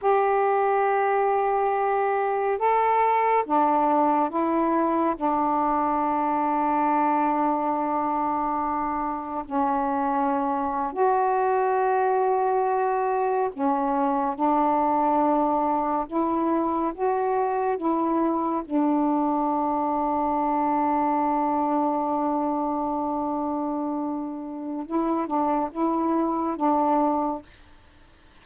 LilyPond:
\new Staff \with { instrumentName = "saxophone" } { \time 4/4 \tempo 4 = 70 g'2. a'4 | d'4 e'4 d'2~ | d'2. cis'4~ | cis'8. fis'2. cis'16~ |
cis'8. d'2 e'4 fis'16~ | fis'8. e'4 d'2~ d'16~ | d'1~ | d'4 e'8 d'8 e'4 d'4 | }